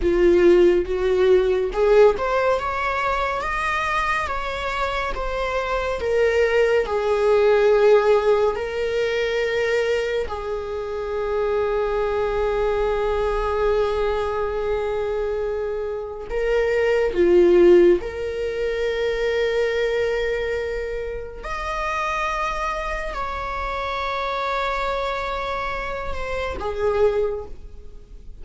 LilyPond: \new Staff \with { instrumentName = "viola" } { \time 4/4 \tempo 4 = 70 f'4 fis'4 gis'8 c''8 cis''4 | dis''4 cis''4 c''4 ais'4 | gis'2 ais'2 | gis'1~ |
gis'2. ais'4 | f'4 ais'2.~ | ais'4 dis''2 cis''4~ | cis''2~ cis''8 c''8 gis'4 | }